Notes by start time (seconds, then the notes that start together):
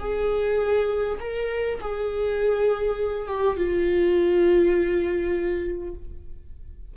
0.00 G#4
1.20 A#4
1.81 G#4
3.28 G4
3.57 F4